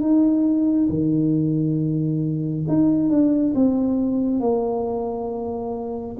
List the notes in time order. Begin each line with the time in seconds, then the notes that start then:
0.00 D#4
0.89 D#3
2.68 D#4
3.09 D4
3.55 C4
4.40 A#3